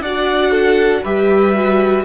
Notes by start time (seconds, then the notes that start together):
0.00 D4 F#4 D5 F#5
0.51 A4
1.02 G3 G4 B4 E5
1.54 F#4